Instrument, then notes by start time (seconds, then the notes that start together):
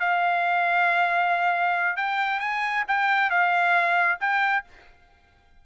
trumpet
0.00 F5
1.97 G5
2.40 G#5
2.88 G5
3.30 F5
4.21 G5